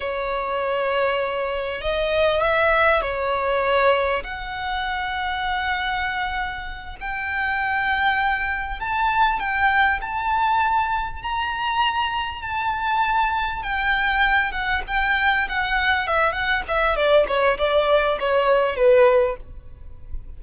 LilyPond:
\new Staff \with { instrumentName = "violin" } { \time 4/4 \tempo 4 = 99 cis''2. dis''4 | e''4 cis''2 fis''4~ | fis''2.~ fis''8 g''8~ | g''2~ g''8 a''4 g''8~ |
g''8 a''2 ais''4.~ | ais''8 a''2 g''4. | fis''8 g''4 fis''4 e''8 fis''8 e''8 | d''8 cis''8 d''4 cis''4 b'4 | }